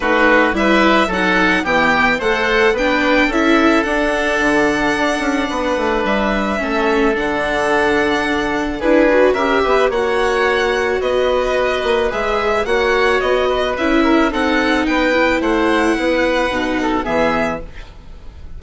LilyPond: <<
  \new Staff \with { instrumentName = "violin" } { \time 4/4 \tempo 4 = 109 b'4 e''4 fis''4 g''4 | fis''4 g''4 e''4 fis''4~ | fis''2. e''4~ | e''4 fis''2. |
b'4 e''4 fis''2 | dis''2 e''4 fis''4 | dis''4 e''4 fis''4 g''4 | fis''2. e''4 | }
  \new Staff \with { instrumentName = "oboe" } { \time 4/4 fis'4 b'4 a'4 g'4 | c''4 b'4 a'2~ | a'2 b'2 | a'1 |
gis'4 ais'8 b'8 cis''2 | b'2. cis''4~ | cis''8 b'4 ais'8 a'4 b'4 | c''4 b'4. a'8 gis'4 | }
  \new Staff \with { instrumentName = "viola" } { \time 4/4 dis'4 e'4 dis'4 b4 | a'4 d'4 e'4 d'4~ | d'1 | cis'4 d'2. |
e'8 fis'8 g'4 fis'2~ | fis'2 gis'4 fis'4~ | fis'4 e'4 dis'4. e'8~ | e'2 dis'4 b4 | }
  \new Staff \with { instrumentName = "bassoon" } { \time 4/4 a4 g4 fis4 e4 | a4 b4 cis'4 d'4 | d4 d'8 cis'8 b8 a8 g4 | a4 d2. |
d'4 cis'8 b8 ais2 | b4. ais8 gis4 ais4 | b4 cis'4 c'4 b4 | a4 b4 b,4 e4 | }
>>